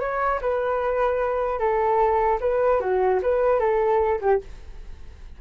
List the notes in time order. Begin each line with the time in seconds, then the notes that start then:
0.00 C#5
0.41 B4
1.59 A4
2.40 B4
2.80 F#4
3.22 B4
3.60 A4
4.21 G4